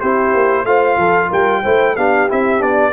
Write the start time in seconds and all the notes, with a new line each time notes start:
0.00 C4 E4 G4 C5
0.33 A#3
0.64 A3 F4 C5 F5
0.97 F3 A4
1.29 G3 A#4 G5
1.63 A3 E4 C5
1.95 B3 D4 G4 F5
2.28 C4 E4 E5
2.59 B3 D4 D5